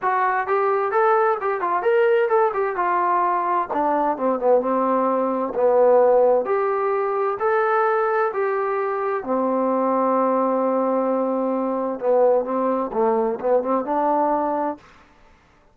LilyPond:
\new Staff \with { instrumentName = "trombone" } { \time 4/4 \tempo 4 = 130 fis'4 g'4 a'4 g'8 f'8 | ais'4 a'8 g'8 f'2 | d'4 c'8 b8 c'2 | b2 g'2 |
a'2 g'2 | c'1~ | c'2 b4 c'4 | a4 b8 c'8 d'2 | }